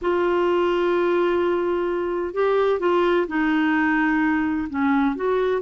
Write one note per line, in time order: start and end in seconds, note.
0.01 2.34 F4
2.34 2.79 G4
2.79 3.26 F4
3.27 4.68 D#4
4.69 5.15 C#4
5.15 5.61 F#4